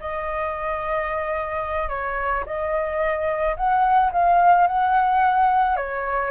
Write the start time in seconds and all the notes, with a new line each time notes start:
0.00 D#5
1.89 C#5
2.46 D#5
3.57 F#5
4.12 F5
4.67 F#5
5.76 C#5